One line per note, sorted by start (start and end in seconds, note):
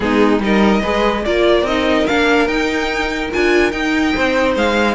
0.00 0.39 G#3
0.00 0.39 B3
0.00 0.43 D#4
0.00 0.40 G#4
0.39 0.80 G3
0.39 0.82 D#4
0.39 0.81 A#4
0.39 1.24 D#5
0.81 1.26 G#3
0.81 1.24 G#4
0.81 1.23 B4
1.24 1.62 A#3
1.24 1.66 F4
1.24 4.14 A#4
1.24 1.66 D5
1.62 2.03 C4
1.62 2.08 D#4
1.62 2.06 D#5
2.06 2.47 A#3
2.06 2.48 D4
2.06 2.47 F5
2.47 3.29 D#4
2.47 3.31 D#4
2.47 3.30 G5
3.31 3.72 D4
3.31 3.71 F4
3.31 3.71 G#5
3.71 4.95 D#4
3.71 4.13 D#4
3.71 4.54 G5
4.14 4.55 C4
4.14 4.95 C5
4.55 4.95 G#3
4.55 4.95 F5